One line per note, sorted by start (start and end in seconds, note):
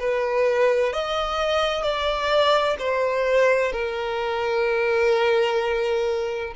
0.00 0.93 B4
0.93 1.83 D#5
1.83 2.77 D5
2.79 3.72 C5
3.72 6.54 A#4